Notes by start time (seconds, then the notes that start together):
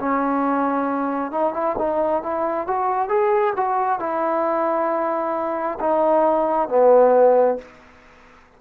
0.00 C#4
1.32 D#4
1.54 E4
1.79 D#4
2.23 E4
2.67 F#4
3.09 G#4
3.57 F#4
4.00 E4
5.80 D#4
6.69 B3